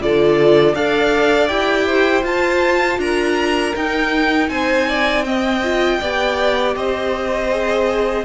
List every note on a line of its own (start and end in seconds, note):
0.00 0.74 D3
0.00 0.75 F4
0.00 0.75 A4
0.00 0.75 D5
0.74 1.49 D4
0.74 1.48 A4
0.74 1.86 D5
0.74 1.48 F5
1.48 2.23 E4
1.48 2.23 G4
1.48 2.23 G5
1.86 2.99 C5
2.23 2.98 F4
2.23 3.74 F4
2.23 3.00 A5
2.98 3.73 D4
2.98 4.50 A#4
2.98 3.75 A#5
3.75 4.49 D#4
3.75 5.24 D#4
3.75 4.49 G5
4.49 5.99 C4
4.49 4.88 C5
4.49 5.24 G#5
4.88 5.25 D5
5.24 5.62 C4
5.24 6.01 D#5
5.24 6.74 G5
5.63 6.01 F4
6.01 6.76 B3
6.01 7.50 G4
6.01 6.76 D5
6.76 8.25 C4
6.76 8.25 C5
6.76 8.25 D#5
7.50 8.25 G#4